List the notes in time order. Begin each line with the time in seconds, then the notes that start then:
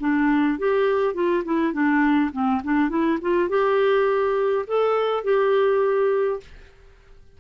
0.00 D4
0.59 G4
1.14 F4
1.45 E4
1.73 D4
2.32 C4
2.64 D4
2.89 E4
3.21 F4
3.49 G4
4.67 A4
5.24 G4